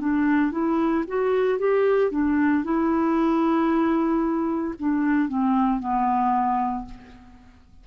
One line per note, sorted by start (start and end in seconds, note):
0.00 0.52 D4
0.52 1.04 E4
1.08 1.58 F#4
1.58 2.11 G4
2.11 2.64 D4
2.64 4.74 E4
4.79 5.28 D4
5.28 5.79 C4
5.79 6.85 B3